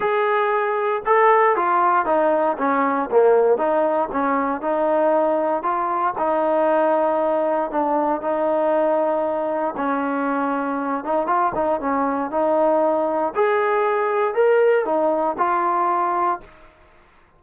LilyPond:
\new Staff \with { instrumentName = "trombone" } { \time 4/4 \tempo 4 = 117 gis'2 a'4 f'4 | dis'4 cis'4 ais4 dis'4 | cis'4 dis'2 f'4 | dis'2. d'4 |
dis'2. cis'4~ | cis'4. dis'8 f'8 dis'8 cis'4 | dis'2 gis'2 | ais'4 dis'4 f'2 | }